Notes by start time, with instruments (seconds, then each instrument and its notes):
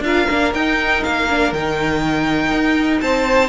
0.00 cello D4, viola F4, violin A#4 F5
0.29 cello A#3, viola D4
0.54 cello D#4, viola D#4, violin G5
1.03 cello A#3, violin F5
1.29 viola D4
1.52 cello D#3, viola D#4, violin G5
2.51 cello D#4
3.00 cello C4, violin C5 A5